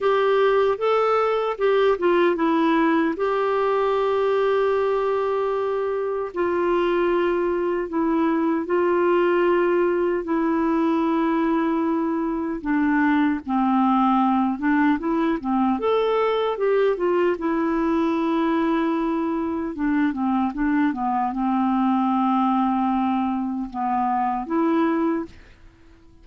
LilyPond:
\new Staff \with { instrumentName = "clarinet" } { \time 4/4 \tempo 4 = 76 g'4 a'4 g'8 f'8 e'4 | g'1 | f'2 e'4 f'4~ | f'4 e'2. |
d'4 c'4. d'8 e'8 c'8 | a'4 g'8 f'8 e'2~ | e'4 d'8 c'8 d'8 b8 c'4~ | c'2 b4 e'4 | }